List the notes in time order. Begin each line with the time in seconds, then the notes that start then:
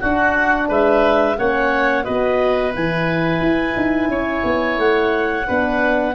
0.00 D4 F#4 F#5
0.69 G#3 B4 E5
1.38 A#3 C#4 C#5 F#5
2.04 B3 F#4 B4 D#5
2.75 E3 E4 G#5
3.41 E4
3.77 D#4
4.08 C#4 C#5
4.44 B3
4.79 A3 F#5
5.47 B3 D4 B4